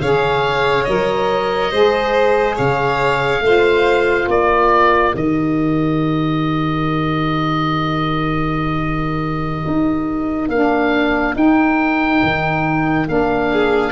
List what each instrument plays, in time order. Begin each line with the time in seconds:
0.00 tuba C#3, saxophone G#4, violin C#5, oboe F5
0.84 tuba F#3, saxophone A#4, oboe D#5
1.71 tuba G#3, saxophone G#4, violin C5
2.55 tuba C#3, violin C#5, oboe F5
3.40 tuba A3, saxophone F4, violin C5
4.27 tuba A#3, violin A#4, oboe D5
5.13 tuba D#3, saxophone G4, oboe D#5
9.66 tuba D#4
10.48 tuba A#3, saxophone D4, oboe F5
11.34 tuba D#4, saxophone D#4, oboe G5
12.22 tuba D#3
13.07 tuba A#3, saxophone D4, oboe F5
13.51 violin G#4